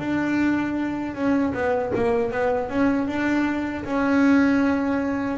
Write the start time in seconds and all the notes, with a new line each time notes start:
0.00 D4
1.15 C#4
1.54 B3
1.95 A#3
2.32 B3
2.70 C#4
3.08 D4
3.85 C#4